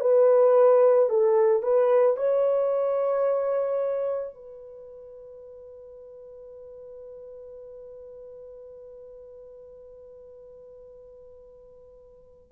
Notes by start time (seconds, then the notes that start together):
0.00 B4
1.09 A4
1.62 B4
2.16 C#5
4.34 B4